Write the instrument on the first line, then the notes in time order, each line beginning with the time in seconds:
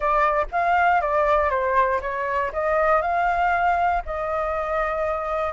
flute
0.00 D5
0.51 F5
1.01 D5
1.50 C5
2.01 C#5
2.52 D#5
3.01 F5
4.05 D#5